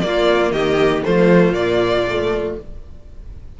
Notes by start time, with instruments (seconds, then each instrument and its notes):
0.00 viola A#3, cello A#3, violin F4 D5
0.51 cello D#3, violin G4 D#5
1.04 cello F3, viola A3, violin F4 C5
1.50 cello A#2, viola A#3, violin D5
2.09 viola A3